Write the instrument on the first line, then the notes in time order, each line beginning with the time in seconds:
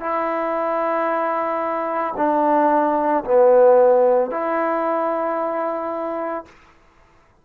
trombone
0.00 E4
2.17 D4
3.25 B3
4.31 E4